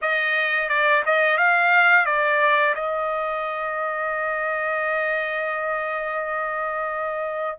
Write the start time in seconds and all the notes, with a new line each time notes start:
0.01 D#5
0.68 D5
1.05 D#5
1.37 F5
2.05 D5
2.74 D#5